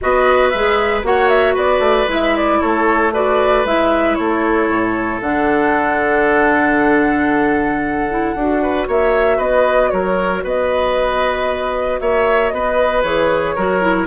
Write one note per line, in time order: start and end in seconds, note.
0.01 0.53 B3
0.01 0.53 F#4
0.01 1.06 B4
0.01 0.49 D#5
0.49 1.03 G#3
0.49 1.03 G#4
0.49 1.01 E5
1.03 1.55 A#3
1.03 2.07 F#4
1.03 1.53 C#5
1.03 1.28 F#5
1.28 1.55 E5
1.53 1.79 B3
1.53 2.58 B4
1.53 2.10 D5
1.79 2.05 A3
2.07 2.59 G#3
2.07 3.12 E4
2.07 2.36 E5
2.36 2.60 D5
2.60 3.64 A3
2.60 3.13 A4
2.60 3.12 C#5
3.13 3.65 F#4
3.13 4.17 B4
3.13 3.65 D5
3.64 4.16 G#3
3.64 5.22 E4
3.64 4.14 E5
4.14 4.69 A3
4.14 8.62 A4
4.14 5.19 C#5
4.69 5.21 A2
5.21 8.34 D3
5.21 8.09 D4
5.21 8.87 F#5
8.09 8.35 E4
8.35 8.87 D4
8.35 13.04 F#4
8.62 8.87 B4
8.87 9.38 A#3
8.87 9.37 C#5
8.87 9.40 E5
9.37 9.90 B3
9.37 9.89 B4
9.37 9.90 D#5
9.90 10.43 F#3
9.90 10.43 A#4
9.90 10.42 C#5
10.43 12.00 B3
10.43 12.00 B4
10.43 12.00 D#5
12.00 12.52 A#3
12.00 12.53 C#5
12.00 12.49 E5
12.49 13.03 B3
12.49 13.55 B4
12.49 13.01 D#5
13.02 13.55 E3
13.02 13.57 G#4
13.02 14.07 C#5
13.55 14.07 F#3
13.55 13.81 F#4
13.55 14.07 A#4
13.81 14.07 E4